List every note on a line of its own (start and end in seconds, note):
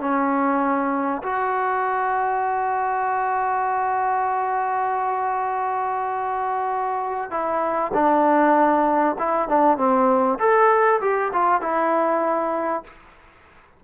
0.00 1.22 C#4
1.23 7.31 F#4
7.31 7.92 E4
7.94 9.16 D4
9.19 9.49 E4
9.49 9.78 D4
9.78 10.39 C4
10.39 11.01 A4
11.01 11.32 G4
11.33 11.62 F4
11.62 12.84 E4